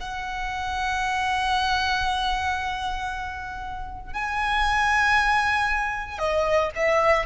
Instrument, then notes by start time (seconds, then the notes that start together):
violin
0.00 F#5
4.14 G#5
6.19 D#5
6.76 E5